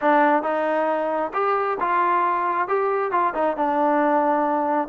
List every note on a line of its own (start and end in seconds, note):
0.01 0.43 D4
0.43 1.32 D#4
1.33 1.78 G4
1.79 2.68 F4
2.68 3.11 G4
3.11 3.33 F4
3.34 3.56 D#4
3.56 4.88 D4